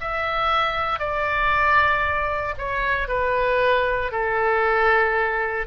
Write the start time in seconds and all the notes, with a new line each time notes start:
0.00 E5
0.99 D5
2.58 C#5
3.08 B4
4.11 A4